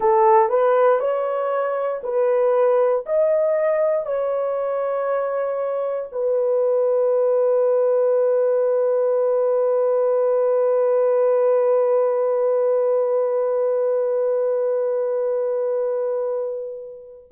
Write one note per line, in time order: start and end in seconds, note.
0.00 0.49 A4
0.49 0.99 B4
0.99 2.01 C#5
2.03 3.05 B4
3.06 4.05 D#5
4.05 6.09 C#5
6.12 17.30 B4